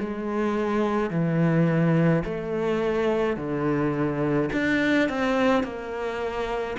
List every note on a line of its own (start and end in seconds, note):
0.00 1.10 G#3
1.10 2.23 E3
2.25 3.37 A3
3.37 4.50 D3
4.53 5.09 D4
5.09 5.63 C4
5.63 6.77 A#3